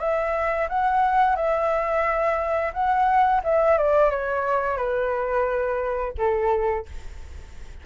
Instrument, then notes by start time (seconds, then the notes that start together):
flute
0.00 E5
0.69 F#5
1.36 E5
2.74 F#5
3.44 E5
3.78 D5
4.11 C#5
4.77 B4
6.18 A4